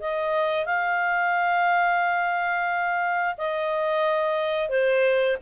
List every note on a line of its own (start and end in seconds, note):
0.00 0.66 D#5
0.66 3.35 F5
3.37 4.69 D#5
4.69 5.37 C5